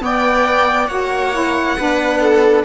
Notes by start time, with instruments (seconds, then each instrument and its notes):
0.00 saxophone B3, cello B3, viola D5, violin G5
0.87 cello A#3, saxophone F#4, viola C#5, violin F#5
1.32 saxophone E4
1.78 cello B3, saxophone D4, viola B4
2.21 viola A4